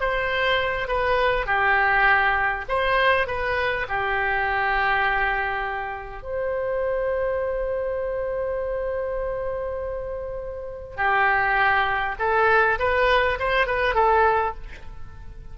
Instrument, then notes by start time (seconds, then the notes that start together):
oboe
0.00 C5
0.87 B4
1.46 G4
2.68 C5
3.27 B4
3.88 G4
6.22 C5
10.96 G4
12.19 A4
12.79 B4
13.39 C5
13.66 B4
13.94 A4